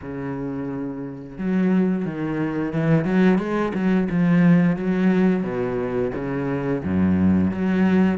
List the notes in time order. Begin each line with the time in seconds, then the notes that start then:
0.01 C#3
1.38 F#3
2.05 D#3
2.72 E3
3.04 F#3
3.38 G#3
3.74 F#3
4.09 F3
4.76 F#3
5.43 B2
6.14 C#3
6.83 F#2
7.51 F#3